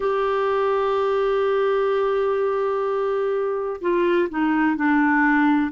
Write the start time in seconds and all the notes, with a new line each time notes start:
0.00 G4
3.81 F4
4.29 D#4
4.76 D4